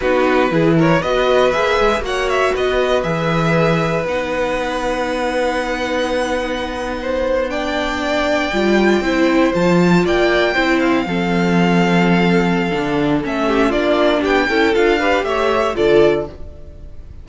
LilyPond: <<
  \new Staff \with { instrumentName = "violin" } { \time 4/4 \tempo 4 = 118 b'4. cis''8 dis''4 e''4 | fis''8 e''8 dis''4 e''2 | fis''1~ | fis''2~ fis''8. g''4~ g''16~ |
g''2~ g''8. a''4 g''16~ | g''4~ g''16 f''2~ f''8.~ | f''2 e''4 d''4 | g''4 f''4 e''4 d''4 | }
  \new Staff \with { instrumentName = "violin" } { \time 4/4 fis'4 gis'8 ais'8 b'2 | cis''4 b'2.~ | b'1~ | b'4.~ b'16 c''4 d''4~ d''16~ |
d''4.~ d''16 c''2 d''16~ | d''8. c''4 a'2~ a'16~ | a'2~ a'8 g'8 f'4 | g'8 a'4 b'8 cis''4 a'4 | }
  \new Staff \with { instrumentName = "viola" } { \time 4/4 dis'4 e'4 fis'4 gis'4 | fis'2 gis'2 | dis'1~ | dis'2~ dis'8. d'4~ d'16~ |
d'8. f'4 e'4 f'4~ f'16~ | f'8. e'4 c'2~ c'16~ | c'4 d'4 cis'4 d'4~ | d'8 e'8 f'8 g'4. f'4 | }
  \new Staff \with { instrumentName = "cello" } { \time 4/4 b4 e4 b4 ais8 gis8 | ais4 b4 e2 | b1~ | b1~ |
b8. g4 c'4 f4 ais16~ | ais8. c'4 f2~ f16~ | f4 d4 a4 ais4 | b8 cis'8 d'4 a4 d4 | }
>>